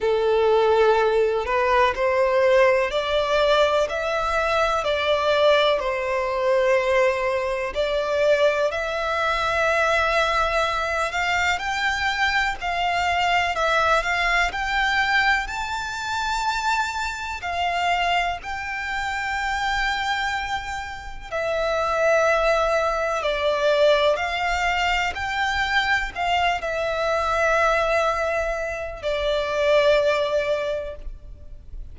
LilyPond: \new Staff \with { instrumentName = "violin" } { \time 4/4 \tempo 4 = 62 a'4. b'8 c''4 d''4 | e''4 d''4 c''2 | d''4 e''2~ e''8 f''8 | g''4 f''4 e''8 f''8 g''4 |
a''2 f''4 g''4~ | g''2 e''2 | d''4 f''4 g''4 f''8 e''8~ | e''2 d''2 | }